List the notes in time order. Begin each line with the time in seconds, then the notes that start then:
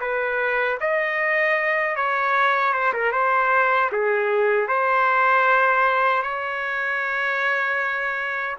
0.00 B4
0.80 D#5
1.96 C#5
2.73 C5
2.93 A#4
3.12 C5
3.92 G#4
4.68 C5
6.22 C#5